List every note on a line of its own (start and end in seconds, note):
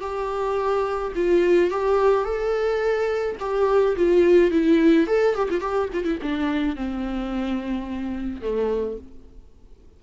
0.00 1.12 G4
1.15 1.70 F4
1.70 2.24 G4
2.24 3.36 A4
3.40 3.96 G4
3.96 4.51 F4
4.51 5.06 E4
5.06 5.34 A4
5.34 5.49 G4
5.50 5.60 F4
5.60 5.88 G4
5.93 6.04 F4
6.04 6.18 E4
6.22 6.75 D4
6.75 8.41 C4
8.41 8.97 A3